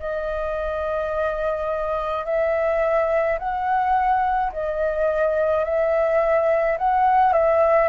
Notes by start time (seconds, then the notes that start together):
0.00 D#5
2.25 E5
3.39 F#5
4.53 D#5
5.65 E5
6.78 F#5
7.33 E5